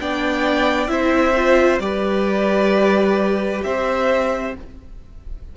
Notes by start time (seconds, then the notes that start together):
0.00 B3 D4 D5 G5
0.88 C4 E4 C5 E5
1.37 F4
1.80 G3 G4 B4 D5
3.64 C4 C5 E5